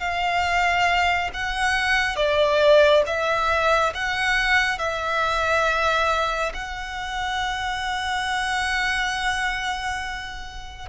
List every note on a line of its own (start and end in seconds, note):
0.00 1.30 F5
1.34 2.16 F#5
2.16 3.03 D5
3.06 3.93 E5
3.94 4.79 F#5
4.79 6.53 E5
6.54 10.89 F#5